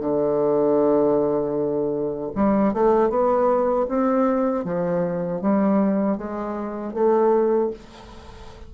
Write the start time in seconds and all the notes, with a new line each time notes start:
0.00 D3
2.35 G3
2.74 A3
3.09 B3
3.88 C4
4.64 F3
5.41 G3
6.17 G#3
6.94 A3